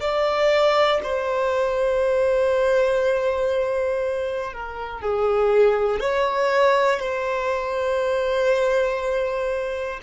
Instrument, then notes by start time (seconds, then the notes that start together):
violin
0.00 D5
1.03 C5
4.53 A#4
5.01 G#4
6.00 C#5
7.00 C5